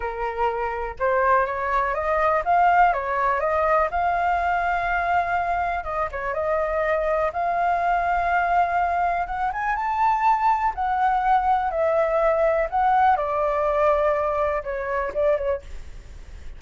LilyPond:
\new Staff \with { instrumentName = "flute" } { \time 4/4 \tempo 4 = 123 ais'2 c''4 cis''4 | dis''4 f''4 cis''4 dis''4 | f''1 | dis''8 cis''8 dis''2 f''4~ |
f''2. fis''8 gis''8 | a''2 fis''2 | e''2 fis''4 d''4~ | d''2 cis''4 d''8 cis''8 | }